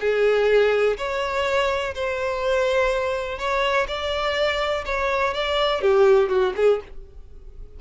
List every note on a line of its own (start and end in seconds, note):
0.00 0.97 G#4
0.97 1.94 C#5
1.94 3.38 C5
3.38 3.86 C#5
3.87 4.84 D5
4.85 5.33 C#5
5.34 5.81 D5
5.81 6.29 G4
6.29 6.53 F#4
6.56 6.80 G#4